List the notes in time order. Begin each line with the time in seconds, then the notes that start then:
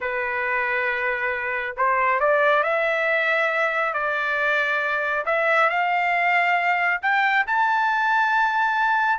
0.01 B4
1.76 C5
2.20 D5
2.63 E5
3.93 D5
5.25 E5
5.69 F5
7.02 G5
7.47 A5